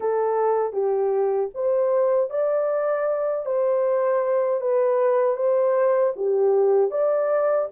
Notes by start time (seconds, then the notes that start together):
0.00 A4
0.72 G4
1.54 C5
2.30 D5
3.45 C5
4.60 B4
5.36 C5
6.15 G4
6.91 D5